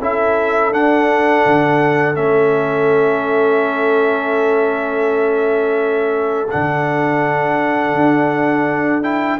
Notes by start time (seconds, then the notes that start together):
0.00 C#4 E4 A4 E5
0.71 D4 F#5
1.45 D3
2.14 A3 C#4 E5
6.50 D3 D4 F#5
7.94 D4
9.03 E4 G5